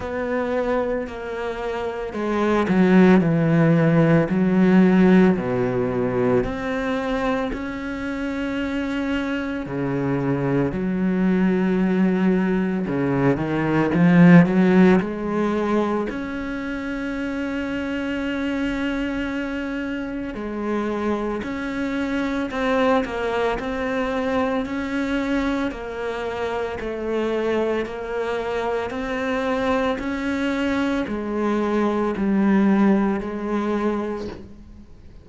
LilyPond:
\new Staff \with { instrumentName = "cello" } { \time 4/4 \tempo 4 = 56 b4 ais4 gis8 fis8 e4 | fis4 b,4 c'4 cis'4~ | cis'4 cis4 fis2 | cis8 dis8 f8 fis8 gis4 cis'4~ |
cis'2. gis4 | cis'4 c'8 ais8 c'4 cis'4 | ais4 a4 ais4 c'4 | cis'4 gis4 g4 gis4 | }